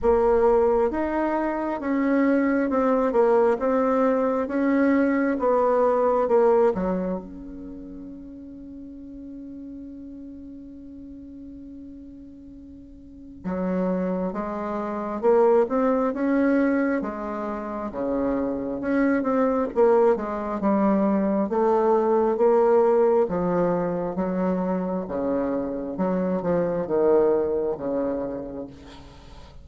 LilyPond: \new Staff \with { instrumentName = "bassoon" } { \time 4/4 \tempo 4 = 67 ais4 dis'4 cis'4 c'8 ais8 | c'4 cis'4 b4 ais8 fis8 | cis'1~ | cis'2. fis4 |
gis4 ais8 c'8 cis'4 gis4 | cis4 cis'8 c'8 ais8 gis8 g4 | a4 ais4 f4 fis4 | cis4 fis8 f8 dis4 cis4 | }